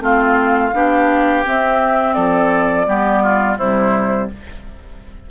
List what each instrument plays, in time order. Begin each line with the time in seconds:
0.00 bassoon A3, clarinet C4, oboe F4, flute F5
0.73 bassoon B3, clarinet D4, oboe G4
1.45 clarinet C4, bassoon C4, flute E5
2.14 bassoon F3, oboe A4, flute D5
2.86 bassoon G3, clarinet B3, oboe G4
3.23 oboe F4
3.58 bassoon C3, clarinet G3, oboe E4, flute C5